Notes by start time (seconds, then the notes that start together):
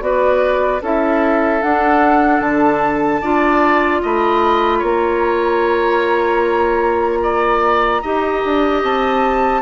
0.00 B3 F#4 B4 D5
0.82 C#4 E4 A4 E5
1.62 D4 F#5
2.40 D3 A5
3.22 D4 F4 D5
4.02 A3 D#5 B5
4.79 A#3 C#5 A#5
7.23 D5
8.02 D#4 G4 D#5
8.45 D4
8.84 C4 A5